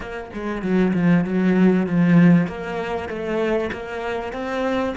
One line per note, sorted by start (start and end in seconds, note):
0.00 0.30 A#3
0.33 0.62 G#3
0.62 0.93 F#3
0.93 1.24 F3
1.24 1.86 F#3
1.86 2.47 F3
2.47 3.08 A#3
3.08 3.70 A3
3.72 4.32 A#3
4.32 4.94 C4